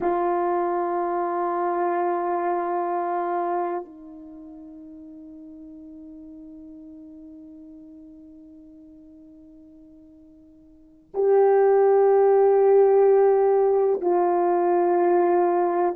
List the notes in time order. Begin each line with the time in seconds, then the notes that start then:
0.00 F4
3.84 D#4
11.13 G4
14.01 F4